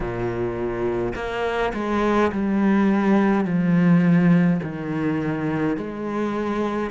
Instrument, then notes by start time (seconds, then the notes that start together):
cello
0.00 A#2
1.15 A#3
1.73 G#3
2.32 G3
3.45 F3
4.63 D#3
5.76 G#3